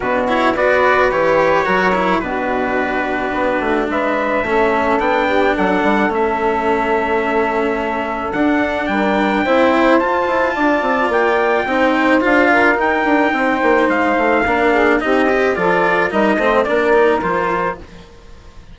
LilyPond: <<
  \new Staff \with { instrumentName = "trumpet" } { \time 4/4 \tempo 4 = 108 b'8 cis''8 d''4 cis''2 | b'2. e''4~ | e''4 g''4 fis''4 e''4~ | e''2. fis''4 |
g''2 a''2 | g''2 f''4 g''4~ | g''4 f''2 dis''4 | d''4 dis''4 d''4 c''4 | }
  \new Staff \with { instrumentName = "saxophone" } { \time 4/4 fis'4 b'2 ais'4 | fis'2. b'4 | a'4. g'8 a'2~ | a'1 |
ais'4 c''2 d''4~ | d''4 c''4. ais'4. | c''2 ais'8 gis'8 g'4 | a'4 ais'8 c''8 ais'2 | }
  \new Staff \with { instrumentName = "cello" } { \time 4/4 d'8 e'8 fis'4 g'4 fis'8 e'8 | d'1 | cis'4 d'2 cis'4~ | cis'2. d'4~ |
d'4 e'4 f'2~ | f'4 dis'4 f'4 dis'4~ | dis'2 d'4 dis'8 g'8 | f'4 dis'8 c'8 d'8 dis'8 f'4 | }
  \new Staff \with { instrumentName = "bassoon" } { \time 4/4 b,4 b4 e4 fis4 | b,2 b8 a8 gis4 | a4 b4 fis8 g8 a4~ | a2. d'4 |
g4 c'4 f'8 e'8 d'8 c'8 | ais4 c'4 d'4 dis'8 d'8 | c'8 ais8 gis8 a8 ais4 c'4 | f4 g8 a8 ais4 f4 | }
>>